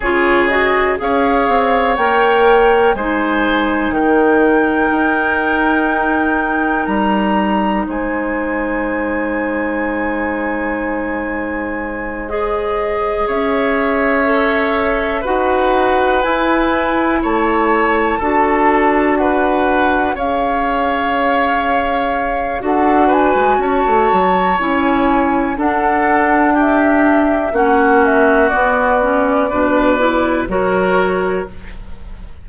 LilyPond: <<
  \new Staff \with { instrumentName = "flute" } { \time 4/4 \tempo 4 = 61 cis''8 dis''8 f''4 g''4 gis''4 | g''2. ais''4 | gis''1~ | gis''8 dis''4 e''2 fis''8~ |
fis''8 gis''4 a''2 fis''8~ | fis''8 f''2~ f''8 fis''8 gis''8 | a''4 gis''4 fis''4 e''4 | fis''8 e''8 d''2 cis''4 | }
  \new Staff \with { instrumentName = "oboe" } { \time 4/4 gis'4 cis''2 c''4 | ais'1 | c''1~ | c''4. cis''2 b'8~ |
b'4. cis''4 a'4 b'8~ | b'8 cis''2~ cis''8 a'8 b'8 | cis''2 a'4 g'4 | fis'2 b'4 ais'4 | }
  \new Staff \with { instrumentName = "clarinet" } { \time 4/4 f'8 fis'8 gis'4 ais'4 dis'4~ | dis'1~ | dis'1~ | dis'8 gis'2 a'4 fis'8~ |
fis'8 e'2 fis'4.~ | fis'8 gis'2~ gis'8 fis'4~ | fis'4 e'4 d'2 | cis'4 b8 cis'8 d'8 e'8 fis'4 | }
  \new Staff \with { instrumentName = "bassoon" } { \time 4/4 cis4 cis'8 c'8 ais4 gis4 | dis4 dis'2 g4 | gis1~ | gis4. cis'2 dis'8~ |
dis'8 e'4 a4 d'4.~ | d'8 cis'2~ cis'8 d'8. gis16 | cis'16 a16 fis8 cis'4 d'2 | ais4 b4 b,4 fis4 | }
>>